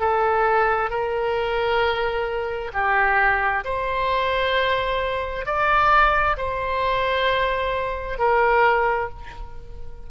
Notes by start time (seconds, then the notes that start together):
0.00 A4
0.90 A#4
2.73 G4
3.64 C5
5.46 D5
6.37 C5
8.18 A#4